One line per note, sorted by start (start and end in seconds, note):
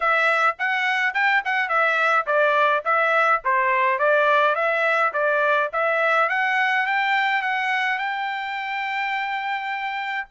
0.00 0.56 E5
0.58 1.14 F#5
1.14 1.42 G5
1.44 1.69 F#5
1.69 2.26 E5
2.26 2.83 D5
2.84 3.42 E5
3.44 3.98 C5
3.98 4.55 D5
4.55 5.12 E5
5.13 5.70 D5
5.72 6.29 E5
6.29 6.86 F#5
6.86 7.41 G5
7.41 7.98 F#5
7.98 10.26 G5